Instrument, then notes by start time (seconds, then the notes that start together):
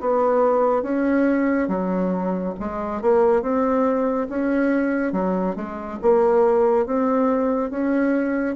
bassoon
0.00 B3
0.82 C#4
1.68 F#3
2.59 G#3
3.01 A#3
3.42 C4
4.29 C#4
5.12 F#3
5.56 G#3
6.02 A#3
6.86 C4
7.70 C#4